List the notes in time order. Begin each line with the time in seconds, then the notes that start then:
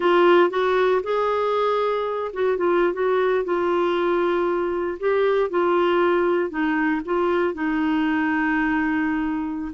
0.00 F4
0.50 F#4
1.03 G#4
2.33 F#4
2.57 F4
2.93 F#4
3.44 F4
4.99 G4
5.49 F4
6.50 D#4
7.05 F4
7.54 D#4